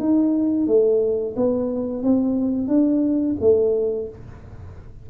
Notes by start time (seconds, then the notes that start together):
0.00 D#4
0.67 A3
1.37 B3
2.03 C4
2.68 D4
3.41 A3